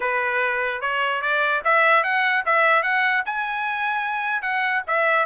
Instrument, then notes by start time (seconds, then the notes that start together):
trumpet
0.00 B4
0.81 C#5
1.21 D5
1.64 E5
2.03 F#5
2.45 E5
2.82 F#5
3.25 G#5
4.42 F#5
4.87 E5